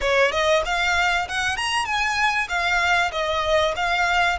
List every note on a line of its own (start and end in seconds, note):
0.00 0.31 C#5
0.31 0.62 D#5
0.65 1.28 F5
1.28 1.57 F#5
1.57 1.85 A#5
1.85 2.47 G#5
2.48 3.11 F5
3.11 3.74 D#5
3.76 4.38 F5